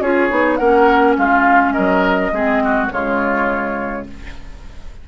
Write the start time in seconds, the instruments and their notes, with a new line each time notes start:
0.00 bassoon C#4, clarinet F4, oboe G#4, flute C#5
0.29 bassoon B3, clarinet D#4
0.56 bassoon A#3, clarinet C#4, oboe A#4, flute F#5
1.17 bassoon G#3, oboe F4, flute F5
1.72 bassoon F#3, oboe A#4, flute D#5
2.31 bassoon G#3, clarinet C4, oboe G#4
2.63 oboe F#4
2.89 bassoon C#3, clarinet G#3, oboe F4, flute C#5